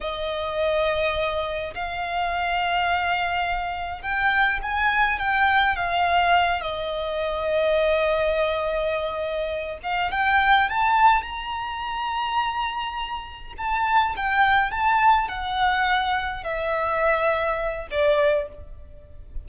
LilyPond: \new Staff \with { instrumentName = "violin" } { \time 4/4 \tempo 4 = 104 dis''2. f''4~ | f''2. g''4 | gis''4 g''4 f''4. dis''8~ | dis''1~ |
dis''4 f''8 g''4 a''4 ais''8~ | ais''2.~ ais''8 a''8~ | a''8 g''4 a''4 fis''4.~ | fis''8 e''2~ e''8 d''4 | }